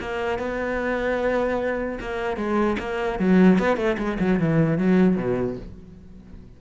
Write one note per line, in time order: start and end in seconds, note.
0.00 0.38 A#3
0.38 1.98 B3
2.00 2.36 A#3
2.36 2.76 G#3
2.79 3.19 A#3
3.19 3.58 F#3
3.58 3.76 B3
3.76 3.96 A3
3.98 4.18 G#3
4.19 4.39 F#3
4.39 4.77 E3
4.77 5.16 F#3
5.16 5.56 B2